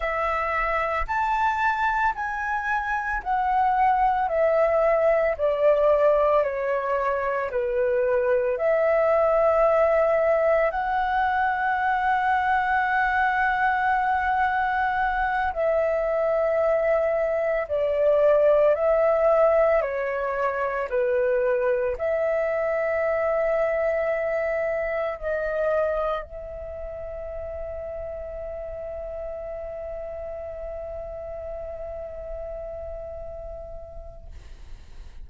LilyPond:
\new Staff \with { instrumentName = "flute" } { \time 4/4 \tempo 4 = 56 e''4 a''4 gis''4 fis''4 | e''4 d''4 cis''4 b'4 | e''2 fis''2~ | fis''2~ fis''8 e''4.~ |
e''8 d''4 e''4 cis''4 b'8~ | b'8 e''2. dis''8~ | dis''8 e''2.~ e''8~ | e''1 | }